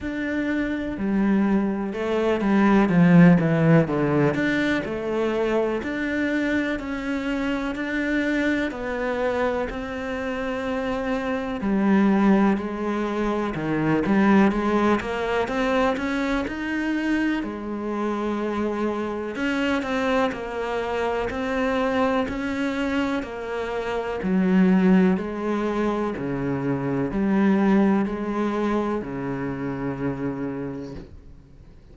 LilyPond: \new Staff \with { instrumentName = "cello" } { \time 4/4 \tempo 4 = 62 d'4 g4 a8 g8 f8 e8 | d8 d'8 a4 d'4 cis'4 | d'4 b4 c'2 | g4 gis4 dis8 g8 gis8 ais8 |
c'8 cis'8 dis'4 gis2 | cis'8 c'8 ais4 c'4 cis'4 | ais4 fis4 gis4 cis4 | g4 gis4 cis2 | }